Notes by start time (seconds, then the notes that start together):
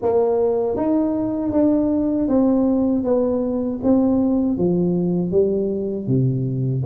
0.02 A#3
0.76 D#4
1.52 D4
2.28 C4
3.03 B3
3.83 C4
4.57 F3
5.31 G3
6.07 C3